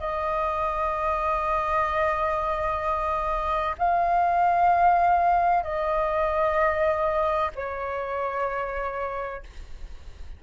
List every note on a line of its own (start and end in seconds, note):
0.00 3.75 D#5
3.78 5.63 F5
5.63 7.51 D#5
7.56 9.43 C#5